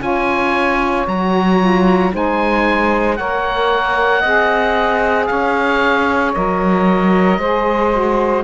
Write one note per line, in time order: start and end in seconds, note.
0.00 1.06 C#4
0.00 1.05 F4
0.00 2.13 C#5
0.00 1.07 G#5
1.07 2.12 F#3
1.07 1.59 F#4
1.07 2.13 A#5
1.59 2.12 F4
2.12 3.19 G#3
2.12 3.17 D#4
2.12 3.17 C5
2.12 3.16 G#5
3.16 4.24 A#3
3.16 4.24 A#4
3.16 4.20 C#5
3.16 5.26 F#5
4.20 5.29 C4
4.20 6.34 G#4
4.20 5.25 D#5
5.26 6.35 C#4
5.26 7.38 C#5
5.26 6.32 F5
6.34 7.38 F#3
6.34 7.40 A#4
6.34 8.44 D#5
7.38 8.43 G#3
7.38 7.92 G#4
7.38 8.44 C5
7.92 8.44 F#4